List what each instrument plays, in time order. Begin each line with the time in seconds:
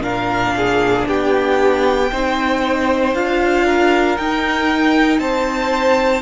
0.00 cello A#2, viola D4, violin A#4 F5
0.57 violin G#4
1.08 cello B3, violin G4 G5
2.11 cello C4, viola D#4, violin C5
3.14 cello D4, viola F4, violin F5
3.65 violin A#4
4.17 cello D#4, viola D#4, violin G5
5.19 cello C4, violin C5 A5